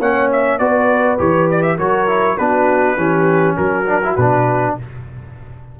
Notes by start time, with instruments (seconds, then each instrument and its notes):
0.00 tuba A#3, trombone C#4, horn C#5, trumpet F#5
0.32 trumpet E5
0.59 tuba B3, trombone F#4, horn B4, trumpet D5
1.18 tuba E3, trombone G4, trumpet C#5
1.51 trumpet D5
1.63 trumpet E5
1.78 tuba F#3, trombone F#4, horn A#4, trumpet C#5
2.07 trombone E4
2.38 tuba B3, trombone D4, horn F#4, trumpet B4
2.97 tuba E3, trombone C#4, horn G4
3.57 tuba F#3, horn F#4, trumpet A#4
3.87 trombone D4
4.04 trombone E4
4.16 tuba B2, trombone D4, trumpet B4